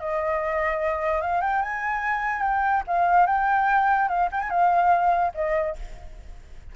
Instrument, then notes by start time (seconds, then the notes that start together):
flute
0.00 D#5
1.21 F5
1.41 G5
1.62 G#5
2.42 G5
2.87 F5
3.26 G5
4.08 F5
4.32 G5
4.40 G#5
4.50 F5
5.34 D#5